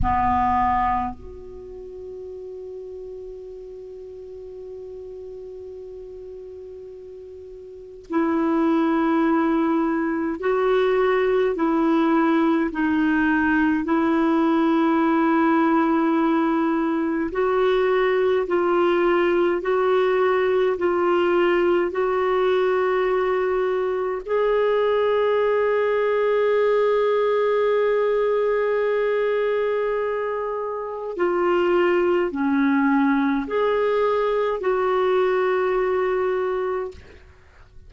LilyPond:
\new Staff \with { instrumentName = "clarinet" } { \time 4/4 \tempo 4 = 52 b4 fis'2.~ | fis'2. e'4~ | e'4 fis'4 e'4 dis'4 | e'2. fis'4 |
f'4 fis'4 f'4 fis'4~ | fis'4 gis'2.~ | gis'2. f'4 | cis'4 gis'4 fis'2 | }